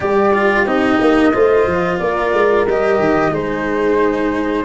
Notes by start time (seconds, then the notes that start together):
0.00 G3 G4 D5
0.33 F4
0.65 C4 D#4 D#5
1.01 A#3
1.33 A3 F4 C5
1.66 F3
1.98 A#3 A#4 D5
2.33 G#3
2.67 G3 G4 D#5
2.99 D#3
3.31 G#3 D#4 G#4 C5